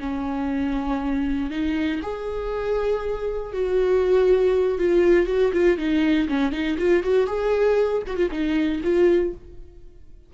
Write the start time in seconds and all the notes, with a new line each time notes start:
0.00 C#4
1.51 D#4
2.03 G#4
3.53 F#4
4.79 F4
5.27 F#4
5.53 F4
5.78 D#4
6.29 C#4
6.52 D#4
6.78 F4
7.04 F#4
7.27 G#4
8.07 F#4
8.17 F4
8.31 D#4
8.84 F4